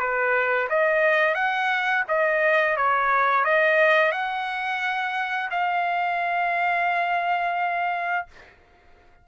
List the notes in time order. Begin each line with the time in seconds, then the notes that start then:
0.00 B4
0.70 D#5
1.35 F#5
2.09 D#5
2.77 C#5
3.45 D#5
4.13 F#5
5.51 F5